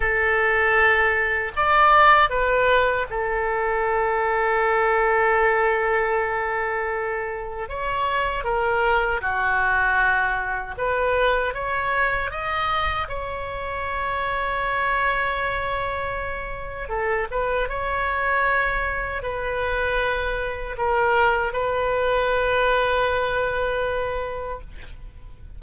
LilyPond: \new Staff \with { instrumentName = "oboe" } { \time 4/4 \tempo 4 = 78 a'2 d''4 b'4 | a'1~ | a'2 cis''4 ais'4 | fis'2 b'4 cis''4 |
dis''4 cis''2.~ | cis''2 a'8 b'8 cis''4~ | cis''4 b'2 ais'4 | b'1 | }